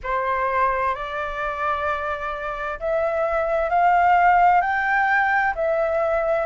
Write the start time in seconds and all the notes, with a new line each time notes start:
0.03 C5
0.94 D5
2.79 E5
3.69 F5
4.61 G5
5.55 E5